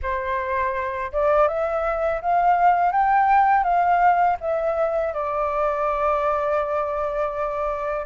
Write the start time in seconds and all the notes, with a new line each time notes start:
0.02 C5
1.12 D5
1.48 E5
2.21 F5
2.92 G5
3.63 F5
4.40 E5
5.13 D5